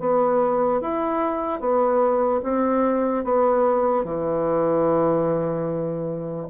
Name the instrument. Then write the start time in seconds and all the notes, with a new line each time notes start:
bassoon
0.00 B3
0.81 E4
1.60 B3
2.44 C4
3.24 B3
4.05 E3